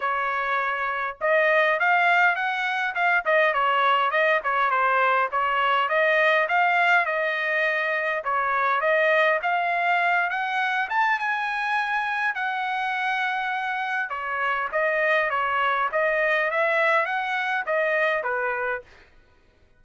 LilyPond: \new Staff \with { instrumentName = "trumpet" } { \time 4/4 \tempo 4 = 102 cis''2 dis''4 f''4 | fis''4 f''8 dis''8 cis''4 dis''8 cis''8 | c''4 cis''4 dis''4 f''4 | dis''2 cis''4 dis''4 |
f''4. fis''4 a''8 gis''4~ | gis''4 fis''2. | cis''4 dis''4 cis''4 dis''4 | e''4 fis''4 dis''4 b'4 | }